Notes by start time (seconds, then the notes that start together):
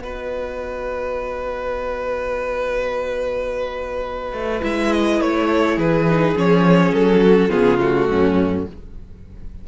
0.00 B3 F#4 B4 D#5
4.33 A3
4.62 G#3 E4 E5
4.93 D#5
5.21 A3 C#5
5.48 A4
5.76 E3 G#4 B4
6.10 D#4
6.36 F3 C#4 C#5
6.92 F#3 A4
7.22 F#4
7.50 C#3 B3 F4 G#4
7.80 A3 F#4
8.09 F#2 C#4